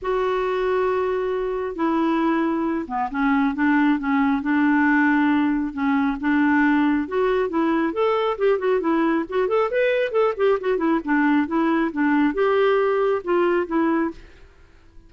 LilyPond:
\new Staff \with { instrumentName = "clarinet" } { \time 4/4 \tempo 4 = 136 fis'1 | e'2~ e'8 b8 cis'4 | d'4 cis'4 d'2~ | d'4 cis'4 d'2 |
fis'4 e'4 a'4 g'8 fis'8 | e'4 fis'8 a'8 b'4 a'8 g'8 | fis'8 e'8 d'4 e'4 d'4 | g'2 f'4 e'4 | }